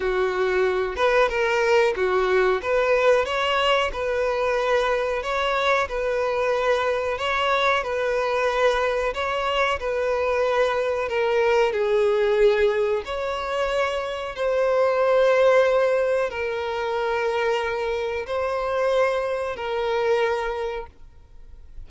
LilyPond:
\new Staff \with { instrumentName = "violin" } { \time 4/4 \tempo 4 = 92 fis'4. b'8 ais'4 fis'4 | b'4 cis''4 b'2 | cis''4 b'2 cis''4 | b'2 cis''4 b'4~ |
b'4 ais'4 gis'2 | cis''2 c''2~ | c''4 ais'2. | c''2 ais'2 | }